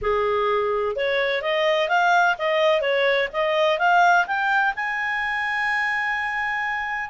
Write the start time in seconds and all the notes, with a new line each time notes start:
0.01 G#4
0.96 C#5
1.42 D#5
1.88 F5
2.38 D#5
2.81 C#5
3.32 D#5
3.78 F5
4.26 G5
4.75 G#5